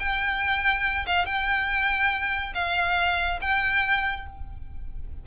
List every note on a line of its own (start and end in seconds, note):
0.00 1.06 G5
1.07 1.26 F5
1.26 2.54 G5
2.55 3.40 F5
3.42 4.27 G5